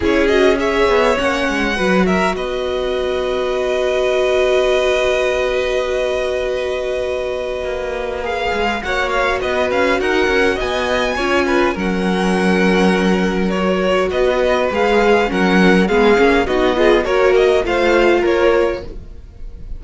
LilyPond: <<
  \new Staff \with { instrumentName = "violin" } { \time 4/4 \tempo 4 = 102 cis''8 dis''8 e''4 fis''4. e''8 | dis''1~ | dis''1~ | dis''2 f''4 fis''8 f''8 |
dis''8 f''8 fis''4 gis''2 | fis''2. cis''4 | dis''4 f''4 fis''4 f''4 | dis''4 cis''8 dis''8 f''4 cis''4 | }
  \new Staff \with { instrumentName = "violin" } { \time 4/4 gis'4 cis''2 b'8 ais'8 | b'1~ | b'1~ | b'2. cis''4 |
b'4 ais'4 dis''4 cis''8 b'8 | ais'1 | b'2 ais'4 gis'4 | fis'8 gis'8 ais'4 c''4 ais'4 | }
  \new Staff \with { instrumentName = "viola" } { \time 4/4 e'8 fis'8 gis'4 cis'4 fis'4~ | fis'1~ | fis'1~ | fis'2 gis'4 fis'4~ |
fis'2. f'4 | cis'2. fis'4~ | fis'4 gis'4 cis'4 b8 cis'8 | dis'8 f'8 fis'4 f'2 | }
  \new Staff \with { instrumentName = "cello" } { \time 4/4 cis'4. b8 ais8 gis8 fis4 | b1~ | b1~ | b4 ais4. gis8 ais4 |
b8 cis'8 dis'8 cis'8 b4 cis'4 | fis1 | b4 gis4 fis4 gis8 ais8 | b4 ais4 a4 ais4 | }
>>